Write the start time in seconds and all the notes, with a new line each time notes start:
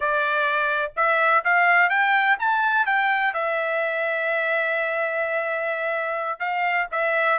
0.00 D5
0.96 E5
1.44 F5
1.89 G5
2.39 A5
2.86 G5
3.33 E5
6.39 F5
6.91 E5